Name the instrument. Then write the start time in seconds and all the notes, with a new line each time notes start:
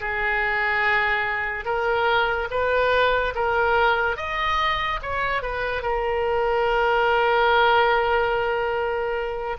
oboe
0.00 G#4
1.65 A#4
2.50 B4
3.35 A#4
4.17 D#5
5.02 C#5
5.42 B4
5.82 A#4